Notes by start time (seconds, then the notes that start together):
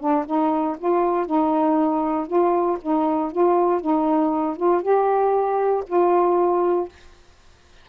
0.00 D4
0.26 D#4
0.79 F4
1.27 D#4
2.27 F4
2.82 D#4
3.32 F4
3.81 D#4
4.57 F4
4.82 G4
5.87 F4